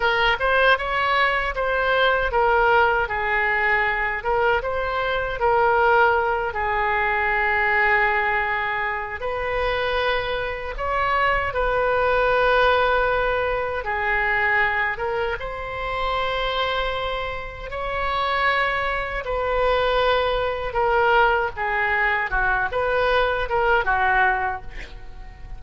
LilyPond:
\new Staff \with { instrumentName = "oboe" } { \time 4/4 \tempo 4 = 78 ais'8 c''8 cis''4 c''4 ais'4 | gis'4. ais'8 c''4 ais'4~ | ais'8 gis'2.~ gis'8 | b'2 cis''4 b'4~ |
b'2 gis'4. ais'8 | c''2. cis''4~ | cis''4 b'2 ais'4 | gis'4 fis'8 b'4 ais'8 fis'4 | }